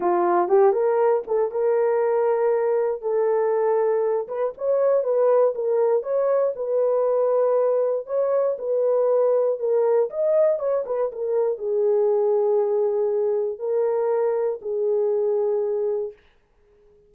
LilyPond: \new Staff \with { instrumentName = "horn" } { \time 4/4 \tempo 4 = 119 f'4 g'8 ais'4 a'8 ais'4~ | ais'2 a'2~ | a'8 b'8 cis''4 b'4 ais'4 | cis''4 b'2. |
cis''4 b'2 ais'4 | dis''4 cis''8 b'8 ais'4 gis'4~ | gis'2. ais'4~ | ais'4 gis'2. | }